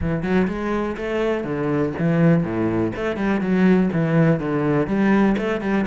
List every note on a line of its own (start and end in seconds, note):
0.01 0.23 E3
0.23 0.47 F#3
0.47 0.96 G#3
0.96 1.44 A3
1.44 1.92 D3
1.98 2.43 E3
2.43 2.92 A2
2.96 3.16 A3
3.16 3.40 G3
3.40 3.89 F#3
3.92 4.39 E3
4.39 4.87 D3
4.87 5.35 G3
5.37 5.61 A3
5.61 5.85 G3